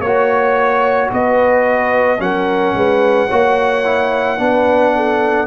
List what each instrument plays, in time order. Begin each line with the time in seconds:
0.00 tuba A#3, trumpet C#5, horn C#5
0.06 trombone F#4
1.12 tuba B3, horn B4, trumpet D#5
2.19 tuba F#3, trombone C#4, horn A#4, trumpet F#5
2.74 tuba G#3, horn B4
3.28 tuba A#3, trombone F#4, horn C#5
3.85 trombone E4
4.38 tuba B3, trombone D4, horn B4
4.96 horn A4